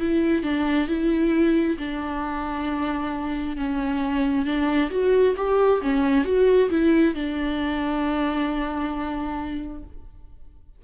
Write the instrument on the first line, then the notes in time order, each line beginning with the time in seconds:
viola
0.00 E4
0.43 D4
0.88 E4
1.78 D4
3.57 C#4
4.46 D4
4.91 F#4
5.37 G4
5.82 C#4
6.25 F#4
6.70 E4
7.15 D4